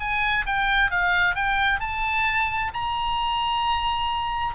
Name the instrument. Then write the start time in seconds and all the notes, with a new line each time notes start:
oboe
0.00 G#5
0.46 G5
0.91 F5
1.35 G5
1.80 A5
2.74 A#5